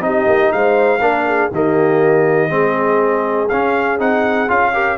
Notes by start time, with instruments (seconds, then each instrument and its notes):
0.00 tuba C4, trombone D#4, horn G4, trumpet D#5
0.27 tuba A#3
0.52 tuba G#3, horn C5, trumpet F5
1.00 tuba A#3, trombone D4, horn A#4
1.27 horn G#4
1.51 tuba D#3, trombone A#3, horn G4, trumpet D#5
2.49 tuba G#3, trombone C4, horn G#4
3.49 tuba C#4, trombone C#4, trumpet F5
3.99 tuba C4, trombone D#4, trumpet F#5
4.48 tuba C#4, trombone F4, trumpet F5
4.73 trombone G4, horn A#4